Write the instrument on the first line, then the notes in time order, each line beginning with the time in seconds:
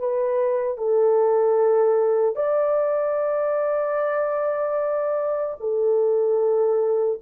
horn
0.00 B4
0.78 A4
2.36 D5
5.61 A4